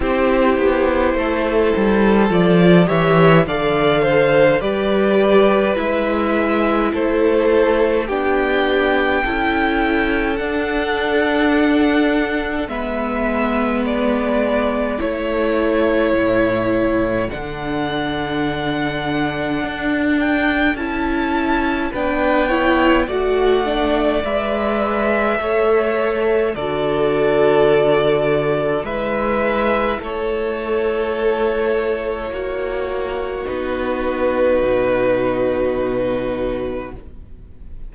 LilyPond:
<<
  \new Staff \with { instrumentName = "violin" } { \time 4/4 \tempo 4 = 52 c''2 d''8 e''8 f''4 | d''4 e''4 c''4 g''4~ | g''4 fis''2 e''4 | d''4 cis''2 fis''4~ |
fis''4. g''8 a''4 g''4 | fis''4 e''2 d''4~ | d''4 e''4 cis''2~ | cis''4 b'2. | }
  \new Staff \with { instrumentName = "violin" } { \time 4/4 g'4 a'4. cis''8 d''8 c''8 | b'2 a'4 g'4 | a'2. b'4~ | b'4 a'2.~ |
a'2. b'8 cis''8 | d''2 cis''4 a'4~ | a'4 b'4 a'2 | fis'1 | }
  \new Staff \with { instrumentName = "viola" } { \time 4/4 e'2 f'8 g'8 a'4 | g'4 e'2 d'4 | e'4 d'2 b4~ | b4 e'2 d'4~ |
d'2 e'4 d'8 e'8 | fis'8 d'8 b'4 a'4 fis'4~ | fis'4 e'2.~ | e'4 dis'2. | }
  \new Staff \with { instrumentName = "cello" } { \time 4/4 c'8 b8 a8 g8 f8 e8 d4 | g4 gis4 a4 b4 | cis'4 d'2 gis4~ | gis4 a4 a,4 d4~ |
d4 d'4 cis'4 b4 | a4 gis4 a4 d4~ | d4 gis4 a2 | ais4 b4 b,2 | }
>>